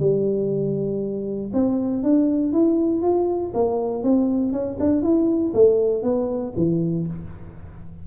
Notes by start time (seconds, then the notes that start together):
0.00 G3
1.53 C4
2.04 D4
2.53 E4
3.02 F4
3.54 A#3
4.04 C4
4.53 C#4
4.80 D4
5.03 E4
5.54 A3
6.03 B3
6.57 E3